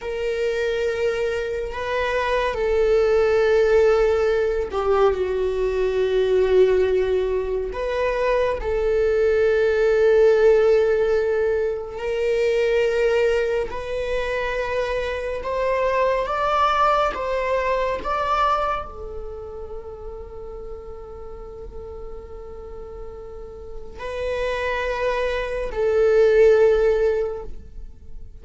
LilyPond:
\new Staff \with { instrumentName = "viola" } { \time 4/4 \tempo 4 = 70 ais'2 b'4 a'4~ | a'4. g'8 fis'2~ | fis'4 b'4 a'2~ | a'2 ais'2 |
b'2 c''4 d''4 | c''4 d''4 a'2~ | a'1 | b'2 a'2 | }